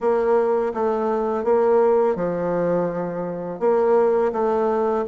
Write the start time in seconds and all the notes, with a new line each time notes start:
0.00 A#3
0.74 A3
1.44 A#3
2.15 F3
3.59 A#3
4.32 A3